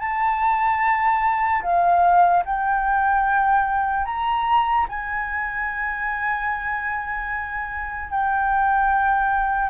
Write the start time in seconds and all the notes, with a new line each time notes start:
0.00 A5
1.63 F5
2.45 G5
4.05 A#5
4.89 G#5
8.10 G5